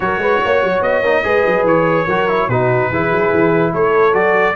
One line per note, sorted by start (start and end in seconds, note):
0.00 0.18 F#3
0.00 1.03 F#4
0.00 0.21 A#4
0.00 0.82 C#5
0.18 0.38 G#3
0.18 0.42 B4
0.44 0.63 A#3
0.44 1.24 C#5
0.63 0.81 F#3
0.81 1.01 B3
0.81 1.65 D#5
1.01 1.22 A#3
1.01 1.23 D#4
1.23 1.44 G#3
1.23 2.06 G#4
1.23 2.06 B4
1.46 1.64 F#3
1.64 2.05 E3
1.64 2.49 C#5
2.06 2.48 F#3
2.06 2.28 F#4
2.06 2.47 A#4
2.28 2.49 E4
2.48 2.89 B2
2.48 2.92 D#4
2.48 2.90 F#4
2.48 3.73 B4
2.90 3.10 E3
2.90 4.12 E4
2.90 3.71 G#4
3.11 3.31 F#3
3.33 3.72 E3
3.71 4.14 A3
3.71 4.54 A4
3.71 4.14 C#5
4.12 4.55 F#3
4.12 4.54 F#4
4.12 4.55 D5